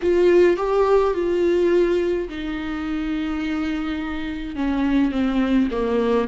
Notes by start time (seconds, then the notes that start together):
0.02 F4
0.56 G4
1.14 F4
2.29 D#4
4.55 C#4
5.11 C4
5.71 A#3